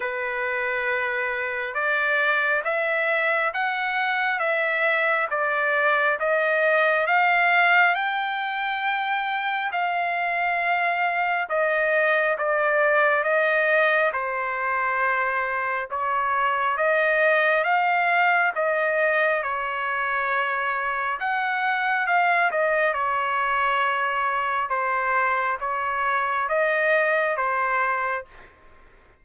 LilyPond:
\new Staff \with { instrumentName = "trumpet" } { \time 4/4 \tempo 4 = 68 b'2 d''4 e''4 | fis''4 e''4 d''4 dis''4 | f''4 g''2 f''4~ | f''4 dis''4 d''4 dis''4 |
c''2 cis''4 dis''4 | f''4 dis''4 cis''2 | fis''4 f''8 dis''8 cis''2 | c''4 cis''4 dis''4 c''4 | }